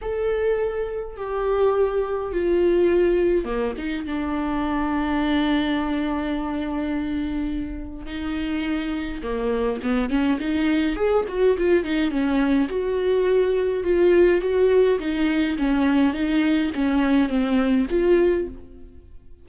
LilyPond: \new Staff \with { instrumentName = "viola" } { \time 4/4 \tempo 4 = 104 a'2 g'2 | f'2 ais8 dis'8 d'4~ | d'1~ | d'2 dis'2 |
ais4 b8 cis'8 dis'4 gis'8 fis'8 | f'8 dis'8 cis'4 fis'2 | f'4 fis'4 dis'4 cis'4 | dis'4 cis'4 c'4 f'4 | }